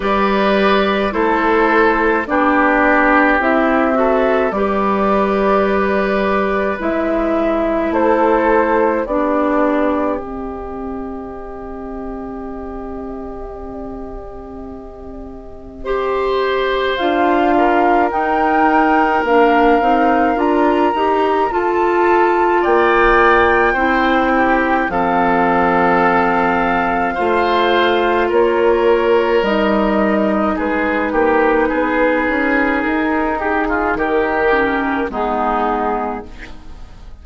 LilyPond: <<
  \new Staff \with { instrumentName = "flute" } { \time 4/4 \tempo 4 = 53 d''4 c''4 d''4 e''4 | d''2 e''4 c''4 | d''4 dis''2.~ | dis''2. f''4 |
g''4 f''4 ais''4 a''4 | g''2 f''2~ | f''4 cis''4 dis''4 b'4~ | b'4 ais'8 gis'8 ais'4 gis'4 | }
  \new Staff \with { instrumentName = "oboe" } { \time 4/4 b'4 a'4 g'4. a'8 | b'2. a'4 | g'1~ | g'2 c''4. ais'8~ |
ais'2. a'4 | d''4 c''8 g'8 a'2 | c''4 ais'2 gis'8 g'8 | gis'4. g'16 f'16 g'4 dis'4 | }
  \new Staff \with { instrumentName = "clarinet" } { \time 4/4 g'4 e'4 d'4 e'8 fis'8 | g'2 e'2 | d'4 c'2.~ | c'2 g'4 f'4 |
dis'4 d'8 dis'8 f'8 g'8 f'4~ | f'4 e'4 c'2 | f'2 dis'2~ | dis'2~ dis'8 cis'8 b4 | }
  \new Staff \with { instrumentName = "bassoon" } { \time 4/4 g4 a4 b4 c'4 | g2 gis4 a4 | b4 c'2.~ | c'2. d'4 |
dis'4 ais8 c'8 d'8 dis'8 f'4 | ais4 c'4 f2 | a4 ais4 g4 gis8 ais8 | b8 cis'8 dis'4 dis4 gis4 | }
>>